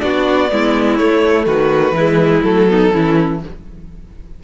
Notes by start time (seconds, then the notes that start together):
0.00 B3 D4 F#4 D5
0.50 G#3 B3 E4
0.97 A3 C#5
1.47 D#3 F#4 B4
1.92 E3 G#3 E4
2.43 F#3 A3 A4
2.69 B3 D#4
2.92 E3 C#4 E4